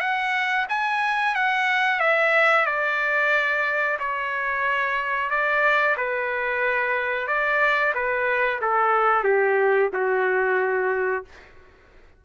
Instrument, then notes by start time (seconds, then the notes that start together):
trumpet
0.00 F#5
0.69 G#5
1.35 F#5
2.00 E5
2.66 D5
3.99 C#5
5.30 D5
5.97 B4
7.27 D5
7.94 B4
8.61 A4
9.24 G4
9.93 F#4